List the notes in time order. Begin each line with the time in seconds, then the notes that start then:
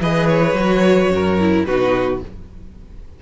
0.00 E3 G#4 B4 D#5
0.27 C#5
0.54 F#3 F#4
1.09 F#2 A#4
1.40 E4
1.65 B2 D#4 F#4 B4